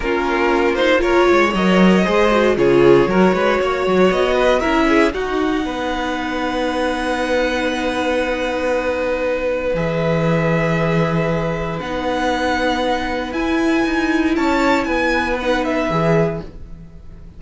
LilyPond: <<
  \new Staff \with { instrumentName = "violin" } { \time 4/4 \tempo 4 = 117 ais'4. c''8 cis''4 dis''4~ | dis''4 cis''2. | dis''4 e''4 fis''2~ | fis''1~ |
fis''2. e''4~ | e''2. fis''4~ | fis''2 gis''2 | a''4 gis''4 fis''8 e''4. | }
  \new Staff \with { instrumentName = "violin" } { \time 4/4 f'2 ais'8 cis''4. | c''4 gis'4 ais'8 b'8 cis''4~ | cis''8 b'8 ais'8 gis'8 fis'4 b'4~ | b'1~ |
b'1~ | b'1~ | b'1 | cis''4 b'2. | }
  \new Staff \with { instrumentName = "viola" } { \time 4/4 cis'4. dis'8 f'4 ais'4 | gis'8 fis'8 f'4 fis'2~ | fis'4 e'4 dis'2~ | dis'1~ |
dis'2. gis'4~ | gis'2. dis'4~ | dis'2 e'2~ | e'2 dis'4 gis'4 | }
  \new Staff \with { instrumentName = "cello" } { \time 4/4 ais2~ ais8 gis8 fis4 | gis4 cis4 fis8 gis8 ais8 fis8 | b4 cis'4 dis'4 b4~ | b1~ |
b2. e4~ | e2. b4~ | b2 e'4 dis'4 | cis'4 b2 e4 | }
>>